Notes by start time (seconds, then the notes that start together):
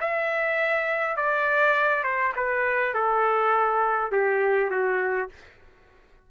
0.00 E5
1.16 D5
2.03 C5
2.36 B4
2.93 A4
4.11 G4
4.70 F#4